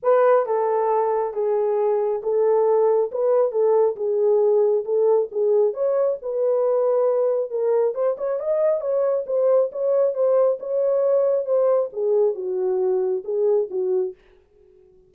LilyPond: \new Staff \with { instrumentName = "horn" } { \time 4/4 \tempo 4 = 136 b'4 a'2 gis'4~ | gis'4 a'2 b'4 | a'4 gis'2 a'4 | gis'4 cis''4 b'2~ |
b'4 ais'4 c''8 cis''8 dis''4 | cis''4 c''4 cis''4 c''4 | cis''2 c''4 gis'4 | fis'2 gis'4 fis'4 | }